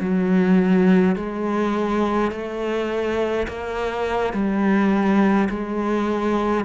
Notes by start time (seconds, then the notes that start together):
0.00 F#3
1.16 G#3
2.31 A3
3.48 A#3
4.33 G3
5.49 G#3